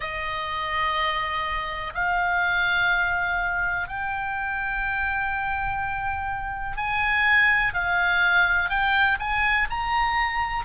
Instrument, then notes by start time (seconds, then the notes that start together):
oboe
0.00 D#5
1.94 F5
3.88 G5
6.76 G#5
7.73 F5
8.69 G5
9.19 G#5
9.70 A#5